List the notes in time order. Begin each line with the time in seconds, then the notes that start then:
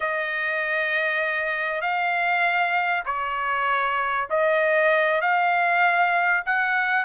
0.00 D#5
1.81 F5
3.05 C#5
4.29 D#5
5.21 F5
6.45 F#5